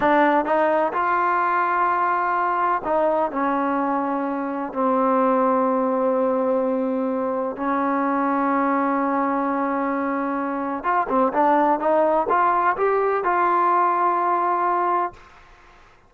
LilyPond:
\new Staff \with { instrumentName = "trombone" } { \time 4/4 \tempo 4 = 127 d'4 dis'4 f'2~ | f'2 dis'4 cis'4~ | cis'2 c'2~ | c'1 |
cis'1~ | cis'2. f'8 c'8 | d'4 dis'4 f'4 g'4 | f'1 | }